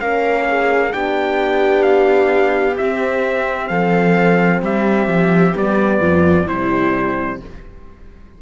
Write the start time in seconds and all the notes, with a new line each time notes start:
0.00 A#3 C#4 A#4 F5
0.48 G#4
0.91 B3 D4 G4 G5
1.82 F5
2.77 C4 E5
3.68 F3 A4 F5
4.62 G3 G4 E5
5.07 F3
5.54 G3 B3 D5
6.00 F2 F4
6.47 C3 G3 E4 C5